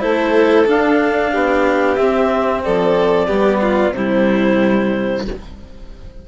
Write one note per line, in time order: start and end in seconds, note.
0.00 0.68 A3
0.00 0.65 E4
0.00 1.31 A4
0.00 0.65 C5
0.66 1.97 D4
0.66 1.34 D4
0.66 1.96 F5
1.31 2.00 B3
1.31 2.62 G4
1.96 3.28 C4
1.96 2.65 C4
1.96 2.61 E5
2.64 3.30 F3
2.64 3.27 A4
2.64 3.94 D5
3.27 3.91 G3
3.27 3.93 B3
3.27 3.60 G4
3.62 3.94 F4
3.91 5.22 C3
3.91 5.28 G3
3.91 5.24 C5
3.98 5.28 E4